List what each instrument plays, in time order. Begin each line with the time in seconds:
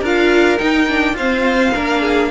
0.00 cello D4, viola F4, violin A#4 F5
0.58 viola D#4, cello D#4, violin G5
0.88 viola D4
1.14 viola C4, cello F4, violin C5 F5
1.74 cello A#3, viola D4, violin A#4
2.01 violin G#4